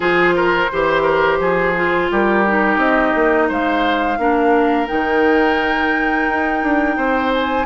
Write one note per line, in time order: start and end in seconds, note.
0.00 0.68 F3
0.00 0.68 F4
0.00 0.35 G#4
0.00 2.10 C5
0.35 0.70 A#4
0.72 1.39 E3
0.72 1.75 G4
0.72 1.02 C5
1.02 1.37 A#4
1.39 2.09 F3
1.39 2.11 G#4
1.75 2.45 F4
2.11 2.77 G3
2.11 3.48 G4
2.11 2.79 A#4
2.46 4.18 D#4
2.77 3.12 C4
2.77 3.49 D#5
3.15 3.49 A#3
3.48 4.18 G#3
3.48 4.18 C5
3.48 4.88 F5
4.18 4.87 A#3
4.18 4.87 D4
4.18 6.97 A#4
4.87 6.28 D#3
4.87 7.65 D#4
4.87 7.32 G5
6.28 6.62 D#4
6.62 6.97 D4
6.97 7.65 C4
6.97 7.65 C5
7.34 7.65 G#5